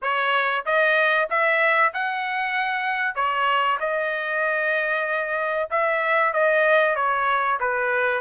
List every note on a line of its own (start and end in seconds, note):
0.02 0.65 C#5
0.65 1.28 D#5
1.29 1.93 E5
1.93 3.15 F#5
3.15 3.78 C#5
3.80 5.69 D#5
5.70 6.33 E5
6.33 6.95 D#5
6.95 7.58 C#5
7.60 8.20 B4